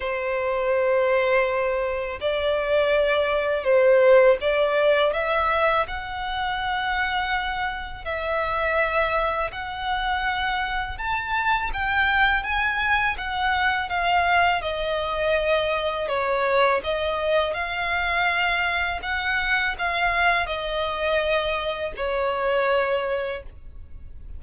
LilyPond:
\new Staff \with { instrumentName = "violin" } { \time 4/4 \tempo 4 = 82 c''2. d''4~ | d''4 c''4 d''4 e''4 | fis''2. e''4~ | e''4 fis''2 a''4 |
g''4 gis''4 fis''4 f''4 | dis''2 cis''4 dis''4 | f''2 fis''4 f''4 | dis''2 cis''2 | }